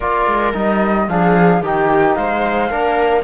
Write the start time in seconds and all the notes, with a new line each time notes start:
0.00 A#3 F4 A#4 D5
0.26 G#3
0.54 G3 D#4 D#5
1.07 F3 D4 G#4 F5
1.61 D#3 D#4 G4 G5
2.15 G#3 C5 F5
2.70 A#3 D4 A#4